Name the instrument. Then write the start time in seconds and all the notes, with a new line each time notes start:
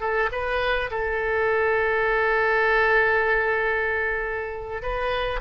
oboe
0.00 A4
0.32 B4
0.90 A4
4.82 B4